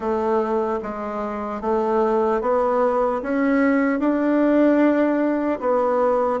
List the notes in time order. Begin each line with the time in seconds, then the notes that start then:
0.00 A3
0.82 G#3
1.61 A3
2.41 B3
3.22 C#4
3.99 D4
5.60 B3